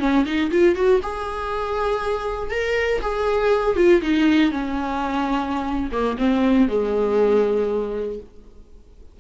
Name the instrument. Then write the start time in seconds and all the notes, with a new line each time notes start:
viola
0.00 C#4
0.25 D#4
0.51 F4
0.75 F#4
1.03 G#4
2.51 A#4
3.02 G#4
3.77 F4
4.02 D#4
4.51 C#4
5.92 A#3
6.18 C4
6.69 G#3